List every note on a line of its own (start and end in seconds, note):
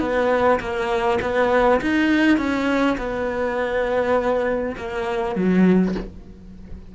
0.00 0.59 B3
0.60 1.19 A#3
1.22 1.81 B3
1.81 2.38 D#4
2.38 2.97 C#4
2.98 4.76 B3
4.77 5.35 A#3
5.35 5.95 F#3